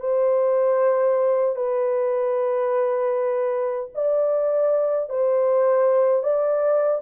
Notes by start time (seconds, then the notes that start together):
0.00 C5
1.56 B4
3.95 D5
5.09 C5
6.23 D5